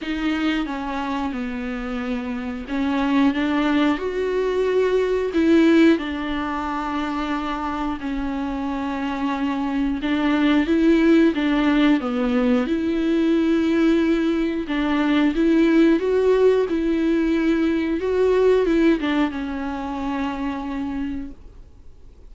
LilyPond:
\new Staff \with { instrumentName = "viola" } { \time 4/4 \tempo 4 = 90 dis'4 cis'4 b2 | cis'4 d'4 fis'2 | e'4 d'2. | cis'2. d'4 |
e'4 d'4 b4 e'4~ | e'2 d'4 e'4 | fis'4 e'2 fis'4 | e'8 d'8 cis'2. | }